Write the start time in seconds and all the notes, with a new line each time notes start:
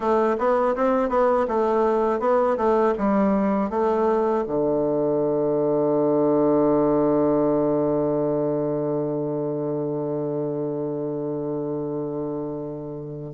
0.00 A3
0.38 B3
0.75 C4
1.09 B3
1.47 A3
2.19 B3
2.57 A3
2.98 G3
3.70 A3
4.47 D3